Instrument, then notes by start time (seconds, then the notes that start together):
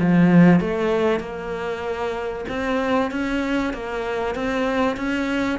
cello
0.00 F3
0.60 A3
1.20 A#3
2.49 C4
3.11 C#4
3.73 A#3
4.35 C4
4.97 C#4